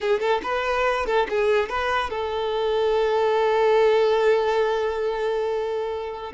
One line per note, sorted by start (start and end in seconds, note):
0.00 0.20 G#4
0.20 0.41 A4
0.42 1.06 B4
1.06 1.27 A4
1.29 1.69 G#4
1.69 2.09 B4
2.09 6.32 A4